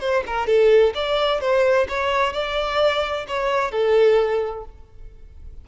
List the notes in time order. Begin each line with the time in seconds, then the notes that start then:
0.00 C5
0.26 A#4
0.47 A4
0.95 D5
1.41 C5
1.89 C#5
2.33 D5
3.28 C#5
3.71 A4